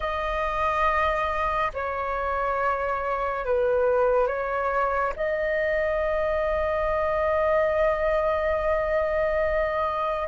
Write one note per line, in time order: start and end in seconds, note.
0.00 1.71 D#5
1.73 3.45 C#5
3.45 4.27 B4
4.27 5.13 C#5
5.15 10.28 D#5